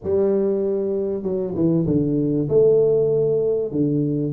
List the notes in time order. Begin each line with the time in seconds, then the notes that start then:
0.03 G3
1.23 F#3
1.55 E3
1.86 D3
2.48 A3
3.71 D3